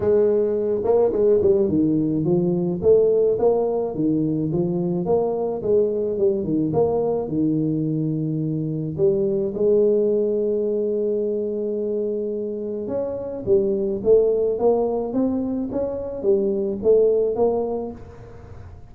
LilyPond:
\new Staff \with { instrumentName = "tuba" } { \time 4/4 \tempo 4 = 107 gis4. ais8 gis8 g8 dis4 | f4 a4 ais4 dis4 | f4 ais4 gis4 g8 dis8 | ais4 dis2. |
g4 gis2.~ | gis2. cis'4 | g4 a4 ais4 c'4 | cis'4 g4 a4 ais4 | }